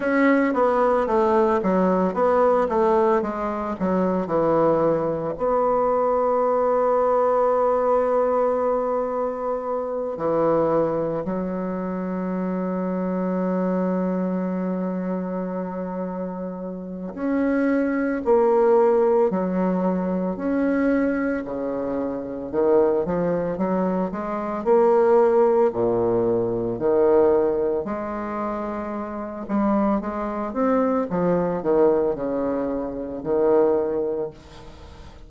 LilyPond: \new Staff \with { instrumentName = "bassoon" } { \time 4/4 \tempo 4 = 56 cis'8 b8 a8 fis8 b8 a8 gis8 fis8 | e4 b2.~ | b4. e4 fis4.~ | fis1 |
cis'4 ais4 fis4 cis'4 | cis4 dis8 f8 fis8 gis8 ais4 | ais,4 dis4 gis4. g8 | gis8 c'8 f8 dis8 cis4 dis4 | }